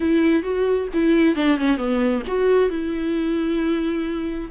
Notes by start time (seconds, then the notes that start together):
0.00 E4
0.42 F#4
0.93 E4
1.35 D4
1.58 C#4
1.77 B3
2.27 F#4
2.69 E4